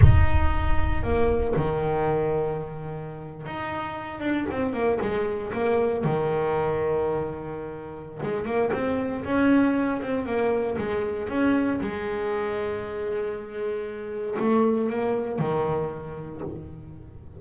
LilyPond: \new Staff \with { instrumentName = "double bass" } { \time 4/4 \tempo 4 = 117 dis'2 ais4 dis4~ | dis2~ dis8. dis'4~ dis'16~ | dis'16 d'8 c'8 ais8 gis4 ais4 dis16~ | dis1 |
gis8 ais8 c'4 cis'4. c'8 | ais4 gis4 cis'4 gis4~ | gis1 | a4 ais4 dis2 | }